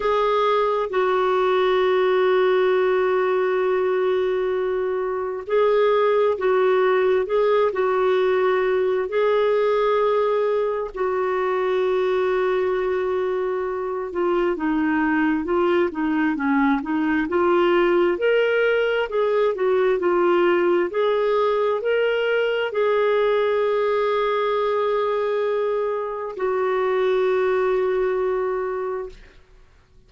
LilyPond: \new Staff \with { instrumentName = "clarinet" } { \time 4/4 \tempo 4 = 66 gis'4 fis'2.~ | fis'2 gis'4 fis'4 | gis'8 fis'4. gis'2 | fis'2.~ fis'8 f'8 |
dis'4 f'8 dis'8 cis'8 dis'8 f'4 | ais'4 gis'8 fis'8 f'4 gis'4 | ais'4 gis'2.~ | gis'4 fis'2. | }